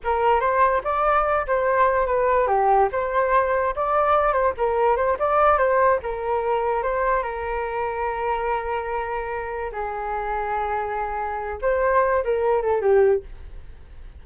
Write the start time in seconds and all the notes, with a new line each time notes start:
0.04 A#4
0.40 C5
0.84 D5
1.46 C5
2.06 B4
2.47 G4
2.92 C5
3.75 D5
4.32 C5
4.57 A#4
4.96 C5
5.19 D5
5.57 C5
6.02 A#4
6.83 C5
7.22 A#4
9.72 G#4
11.61 C5
12.24 A#4
12.62 A4
12.81 G4